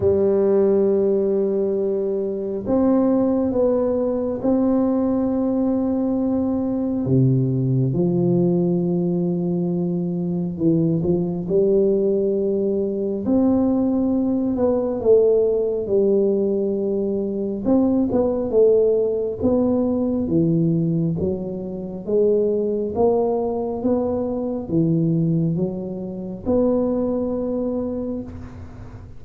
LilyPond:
\new Staff \with { instrumentName = "tuba" } { \time 4/4 \tempo 4 = 68 g2. c'4 | b4 c'2. | c4 f2. | e8 f8 g2 c'4~ |
c'8 b8 a4 g2 | c'8 b8 a4 b4 e4 | fis4 gis4 ais4 b4 | e4 fis4 b2 | }